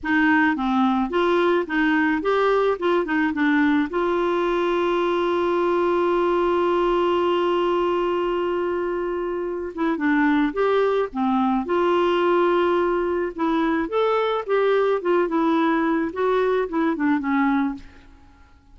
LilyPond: \new Staff \with { instrumentName = "clarinet" } { \time 4/4 \tempo 4 = 108 dis'4 c'4 f'4 dis'4 | g'4 f'8 dis'8 d'4 f'4~ | f'1~ | f'1~ |
f'4. e'8 d'4 g'4 | c'4 f'2. | e'4 a'4 g'4 f'8 e'8~ | e'4 fis'4 e'8 d'8 cis'4 | }